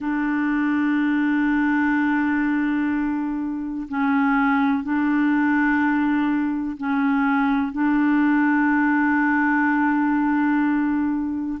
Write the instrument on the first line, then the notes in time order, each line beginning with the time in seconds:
clarinet
0.00 D4
3.88 C#4
4.83 D4
6.77 C#4
7.72 D4